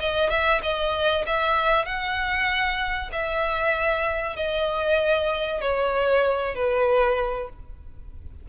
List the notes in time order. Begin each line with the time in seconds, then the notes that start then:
0.00 D#5
0.30 E5
0.63 D#5
1.27 E5
1.86 F#5
3.12 E5
4.36 D#5
5.61 C#5
6.55 B4